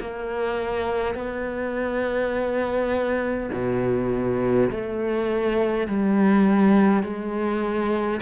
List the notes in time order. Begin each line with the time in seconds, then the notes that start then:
0.00 A#3
1.14 B3
3.52 B2
4.70 A3
5.87 G3
7.03 G#3